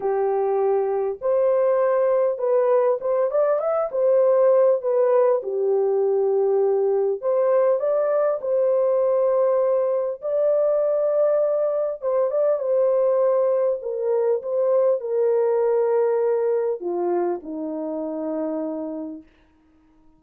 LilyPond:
\new Staff \with { instrumentName = "horn" } { \time 4/4 \tempo 4 = 100 g'2 c''2 | b'4 c''8 d''8 e''8 c''4. | b'4 g'2. | c''4 d''4 c''2~ |
c''4 d''2. | c''8 d''8 c''2 ais'4 | c''4 ais'2. | f'4 dis'2. | }